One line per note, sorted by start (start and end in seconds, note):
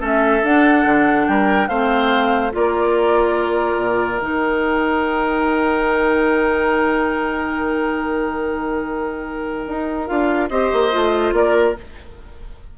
0.00 0.43 A3
0.00 0.42 C#4
0.00 1.26 A4
0.00 0.46 E5
0.44 0.85 D4
0.44 1.70 D4
0.44 1.28 F#5
0.85 1.27 D3
1.28 1.69 G3
1.28 1.69 A#4
1.28 1.68 G5
1.68 2.53 A3
1.68 2.52 C4
1.68 2.53 C5
1.68 2.52 F5
2.52 3.78 A#3
2.52 4.20 F4
2.52 10.51 A#4
2.52 4.22 D5
3.78 4.20 A#2
4.21 9.67 D#3
4.21 10.07 D#4
4.21 10.07 G5
9.67 10.09 D#4
10.07 10.50 D4
10.07 10.49 F4
10.07 10.49 F5
10.50 10.71 C4
10.50 10.92 G4
10.50 11.35 C5
10.50 11.34 D#5
10.73 10.94 A#3
10.92 11.33 A3
10.92 11.76 F4
11.33 11.75 A#3
11.33 11.78 A#4
11.33 11.77 D5